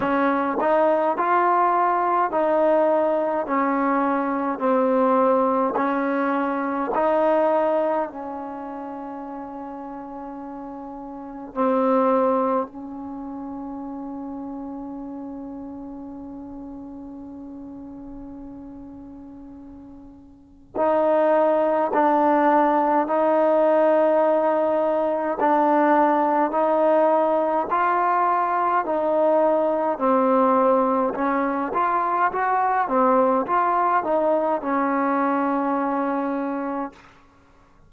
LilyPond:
\new Staff \with { instrumentName = "trombone" } { \time 4/4 \tempo 4 = 52 cis'8 dis'8 f'4 dis'4 cis'4 | c'4 cis'4 dis'4 cis'4~ | cis'2 c'4 cis'4~ | cis'1~ |
cis'2 dis'4 d'4 | dis'2 d'4 dis'4 | f'4 dis'4 c'4 cis'8 f'8 | fis'8 c'8 f'8 dis'8 cis'2 | }